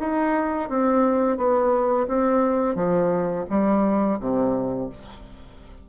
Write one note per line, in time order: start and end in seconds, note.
0.00 0.69 D#4
0.69 1.37 C4
1.37 2.07 B3
2.08 2.75 C4
2.75 3.45 F3
3.49 4.19 G3
4.20 4.89 C3